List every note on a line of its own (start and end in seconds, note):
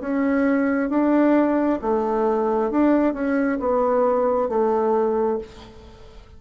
0.00 0.89 C#4
0.89 1.79 D4
1.81 2.70 A3
2.70 3.13 D4
3.13 3.58 C#4
3.59 4.49 B3
4.49 5.38 A3